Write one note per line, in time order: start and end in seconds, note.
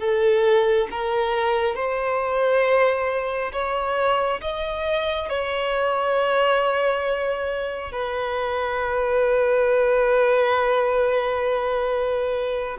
0.00 0.88 A4
0.91 1.76 A#4
1.76 3.53 C5
3.53 4.41 C#5
4.42 5.29 D#5
5.29 7.93 C#5
7.93 12.78 B4